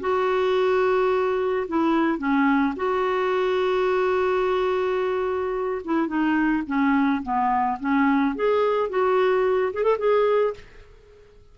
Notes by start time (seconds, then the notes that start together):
0.00 F#4
1.68 E4
2.18 C#4
2.76 F#4
5.85 E4
6.07 D#4
6.66 C#4
7.23 B3
7.80 C#4
8.35 G#4
8.89 F#4
9.73 G#4
9.83 A4
9.98 G#4